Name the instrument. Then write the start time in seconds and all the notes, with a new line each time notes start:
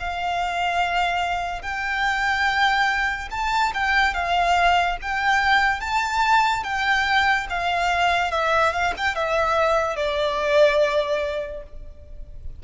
violin
0.00 F5
1.62 G5
3.31 A5
3.74 G5
4.14 F5
5.02 G5
5.81 A5
6.64 G5
7.50 F5
8.31 E5
8.73 F5
8.97 G5
9.15 E5
9.96 D5